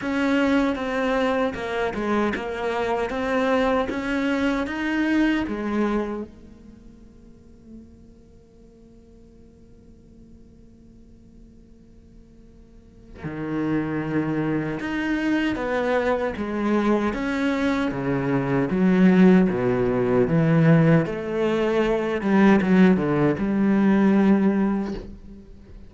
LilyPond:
\new Staff \with { instrumentName = "cello" } { \time 4/4 \tempo 4 = 77 cis'4 c'4 ais8 gis8 ais4 | c'4 cis'4 dis'4 gis4 | ais1~ | ais1~ |
ais4 dis2 dis'4 | b4 gis4 cis'4 cis4 | fis4 b,4 e4 a4~ | a8 g8 fis8 d8 g2 | }